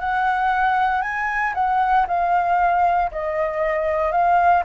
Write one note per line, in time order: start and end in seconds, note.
0.00 1.02 F#5
1.02 1.54 G#5
1.55 2.06 F#5
2.08 3.11 F5
3.11 4.12 D#5
4.12 4.64 F5